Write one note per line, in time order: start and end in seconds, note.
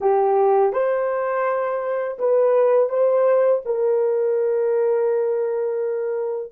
0.00 0.73 G4
0.73 2.17 C5
2.19 2.89 B4
2.89 3.61 C5
3.65 6.52 A#4